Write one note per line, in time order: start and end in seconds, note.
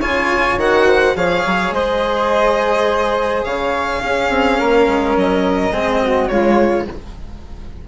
0.00 0.57 C#3
0.00 0.59 F4
0.00 0.86 C#5
0.00 0.58 G#5
0.57 1.15 D#3
0.57 1.15 F#4
0.57 1.17 F#5
0.87 1.15 C5
1.15 1.44 F3
1.15 4.00 G#4
1.15 1.74 C#5
1.15 1.74 F5
1.46 1.72 F#3
1.72 3.43 G#3
1.72 3.45 C5
1.72 3.44 D#5
3.44 4.02 C#3
3.44 4.02 C#5
3.44 5.16 F5
4.00 5.72 C#4
4.00 4.30 C#4
4.00 4.59 G#4
4.30 4.58 C4
4.59 4.87 A#3
4.59 5.72 A#4
4.87 5.16 G#3
5.16 5.71 F#3
5.16 6.28 D#5
5.71 6.28 G#3
5.71 6.30 C4
5.71 6.01 G#4
6.02 6.31 F#4
6.28 6.86 C#3
6.28 6.87 G#3
6.28 6.88 F4
6.28 6.85 C#5